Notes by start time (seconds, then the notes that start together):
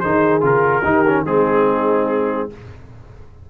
0.00 D#3 D#4 G#4 C5
0.41 C#3 F4 A#4
0.84 D#3 D#4 G4
1.07 C#4
1.25 G#3 C4 D#4 G#4